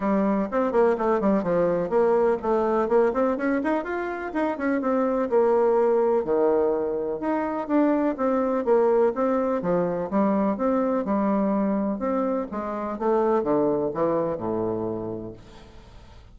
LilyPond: \new Staff \with { instrumentName = "bassoon" } { \time 4/4 \tempo 4 = 125 g4 c'8 ais8 a8 g8 f4 | ais4 a4 ais8 c'8 cis'8 dis'8 | f'4 dis'8 cis'8 c'4 ais4~ | ais4 dis2 dis'4 |
d'4 c'4 ais4 c'4 | f4 g4 c'4 g4~ | g4 c'4 gis4 a4 | d4 e4 a,2 | }